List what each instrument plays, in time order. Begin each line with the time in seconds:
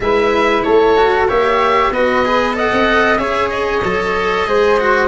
0.00 tuba G#3, cello E4, flute B4, oboe E5
0.62 tuba A3, flute A4, oboe C#5
0.96 cello F#4
1.28 tuba A#3, cello G4, flute C#5, oboe E5
1.90 tuba B3, cello F#4, flute B4, oboe D#5
2.25 cello G#4
2.53 cello A4, flute D#5, oboe F#5
2.72 tuba C4
3.17 tuba C#4, cello G#4, flute C#5, oboe E5
3.49 oboe D#5
3.84 tuba F#3, cello A4
4.47 tuba G#3, cello G#4, flute C5
4.79 cello F#4